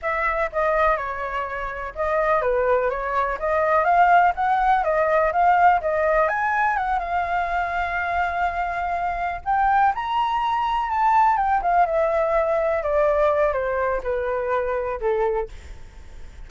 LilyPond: \new Staff \with { instrumentName = "flute" } { \time 4/4 \tempo 4 = 124 e''4 dis''4 cis''2 | dis''4 b'4 cis''4 dis''4 | f''4 fis''4 dis''4 f''4 | dis''4 gis''4 fis''8 f''4.~ |
f''2.~ f''8 g''8~ | g''8 ais''2 a''4 g''8 | f''8 e''2 d''4. | c''4 b'2 a'4 | }